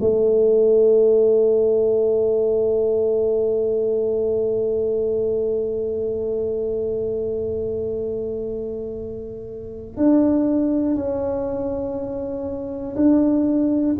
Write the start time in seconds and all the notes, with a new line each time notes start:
0.00 A3
9.96 D4
10.95 C#4
12.96 D4